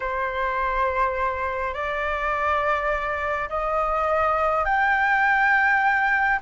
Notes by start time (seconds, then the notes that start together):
0.00 C5
1.74 D5
3.49 D#5
4.64 G5